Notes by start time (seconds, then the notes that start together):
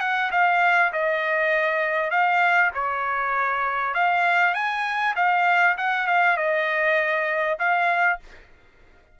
0.00 F#5
0.31 F5
0.92 D#5
2.10 F5
2.74 C#5
3.94 F5
4.54 G#5
5.15 F5
5.77 F#5
6.07 F5
6.37 D#5
7.59 F5